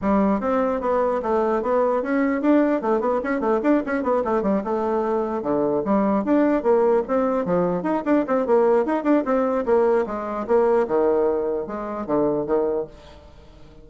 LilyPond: \new Staff \with { instrumentName = "bassoon" } { \time 4/4 \tempo 4 = 149 g4 c'4 b4 a4 | b4 cis'4 d'4 a8 b8 | cis'8 a8 d'8 cis'8 b8 a8 g8 a8~ | a4. d4 g4 d'8~ |
d'8 ais4 c'4 f4 dis'8 | d'8 c'8 ais4 dis'8 d'8 c'4 | ais4 gis4 ais4 dis4~ | dis4 gis4 d4 dis4 | }